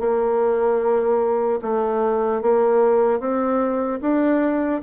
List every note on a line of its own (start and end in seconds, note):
0.00 1.60 A#3
1.62 2.42 A3
2.42 3.20 A#3
3.20 4.00 C4
4.01 4.81 D4